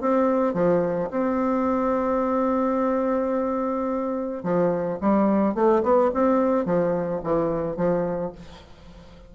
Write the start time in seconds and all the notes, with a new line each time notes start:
0.00 C4
0.53 F3
1.10 C4
4.43 F3
5.01 G3
5.54 A3
5.83 B3
6.14 C4
6.65 F3
7.23 E3
7.76 F3